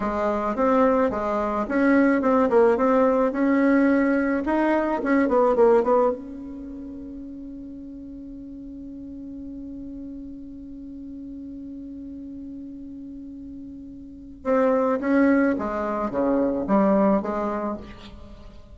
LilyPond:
\new Staff \with { instrumentName = "bassoon" } { \time 4/4 \tempo 4 = 108 gis4 c'4 gis4 cis'4 | c'8 ais8 c'4 cis'2 | dis'4 cis'8 b8 ais8 b8 cis'4~ | cis'1~ |
cis'1~ | cis'1~ | cis'2 c'4 cis'4 | gis4 cis4 g4 gis4 | }